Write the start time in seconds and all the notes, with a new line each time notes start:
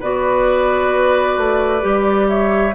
0.00 B3 F#4 B4 D5
1.37 A3
1.81 G3 G4
2.29 C#5 E5